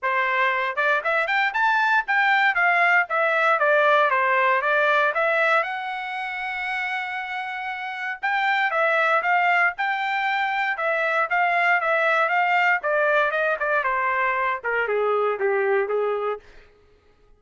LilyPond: \new Staff \with { instrumentName = "trumpet" } { \time 4/4 \tempo 4 = 117 c''4. d''8 e''8 g''8 a''4 | g''4 f''4 e''4 d''4 | c''4 d''4 e''4 fis''4~ | fis''1 |
g''4 e''4 f''4 g''4~ | g''4 e''4 f''4 e''4 | f''4 d''4 dis''8 d''8 c''4~ | c''8 ais'8 gis'4 g'4 gis'4 | }